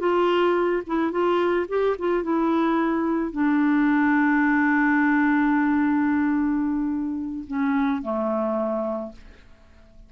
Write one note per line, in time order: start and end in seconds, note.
0.00 0.83 F4
0.87 1.11 E4
1.11 1.67 F4
1.69 1.96 G4
1.99 2.23 F4
2.23 3.32 E4
3.32 7.45 D4
7.48 8.02 C#4
8.02 9.12 A3